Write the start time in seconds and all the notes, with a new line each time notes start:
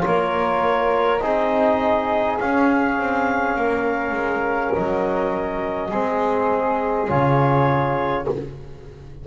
0.00 A#3 F4 A#4 C#5
1.19 C4 D#4 G#4 D#5
2.38 C#4 F5
2.98 C4
3.55 A#3 A#4
4.11 G#3
4.73 F#3 D#5
5.89 G#3 C4 G#4
7.08 C#3 F4 C#5